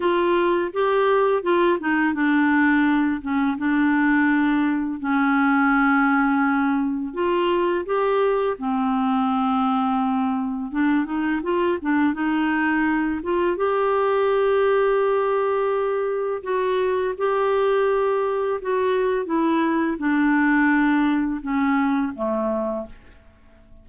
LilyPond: \new Staff \with { instrumentName = "clarinet" } { \time 4/4 \tempo 4 = 84 f'4 g'4 f'8 dis'8 d'4~ | d'8 cis'8 d'2 cis'4~ | cis'2 f'4 g'4 | c'2. d'8 dis'8 |
f'8 d'8 dis'4. f'8 g'4~ | g'2. fis'4 | g'2 fis'4 e'4 | d'2 cis'4 a4 | }